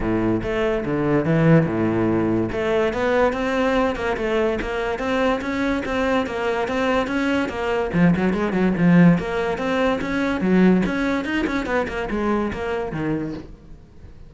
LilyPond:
\new Staff \with { instrumentName = "cello" } { \time 4/4 \tempo 4 = 144 a,4 a4 d4 e4 | a,2 a4 b4 | c'4. ais8 a4 ais4 | c'4 cis'4 c'4 ais4 |
c'4 cis'4 ais4 f8 fis8 | gis8 fis8 f4 ais4 c'4 | cis'4 fis4 cis'4 dis'8 cis'8 | b8 ais8 gis4 ais4 dis4 | }